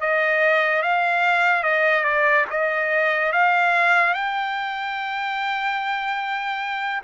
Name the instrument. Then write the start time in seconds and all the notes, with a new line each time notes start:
trumpet
0.00 D#5
0.82 F5
1.63 D#5
2.04 D5
2.50 D#5
3.32 F5
4.14 G5